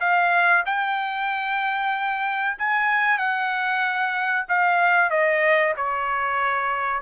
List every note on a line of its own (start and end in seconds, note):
0.00 0.64 F5
0.66 2.57 G5
2.58 3.18 G#5
3.18 4.46 F#5
4.48 5.10 F5
5.10 5.74 D#5
5.76 7.01 C#5